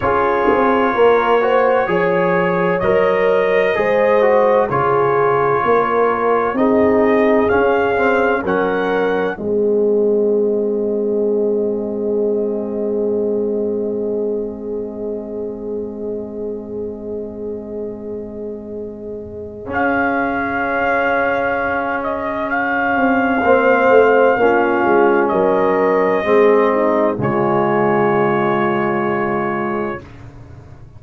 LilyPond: <<
  \new Staff \with { instrumentName = "trumpet" } { \time 4/4 \tempo 4 = 64 cis''2. dis''4~ | dis''4 cis''2 dis''4 | f''4 fis''4 dis''2~ | dis''1~ |
dis''1~ | dis''4 f''2~ f''8 dis''8 | f''2. dis''4~ | dis''4 cis''2. | }
  \new Staff \with { instrumentName = "horn" } { \time 4/4 gis'4 ais'8 c''8 cis''2 | c''4 gis'4 ais'4 gis'4~ | gis'4 ais'4 gis'2~ | gis'1~ |
gis'1~ | gis'1~ | gis'4 c''4 f'4 ais'4 | gis'8 dis'8 f'2. | }
  \new Staff \with { instrumentName = "trombone" } { \time 4/4 f'4. fis'8 gis'4 ais'4 | gis'8 fis'8 f'2 dis'4 | cis'8 c'8 cis'4 c'2~ | c'1~ |
c'1~ | c'4 cis'2.~ | cis'4 c'4 cis'2 | c'4 gis2. | }
  \new Staff \with { instrumentName = "tuba" } { \time 4/4 cis'8 c'8 ais4 f4 fis4 | gis4 cis4 ais4 c'4 | cis'4 fis4 gis2~ | gis1~ |
gis1~ | gis4 cis'2.~ | cis'8 c'8 ais8 a8 ais8 gis8 fis4 | gis4 cis2. | }
>>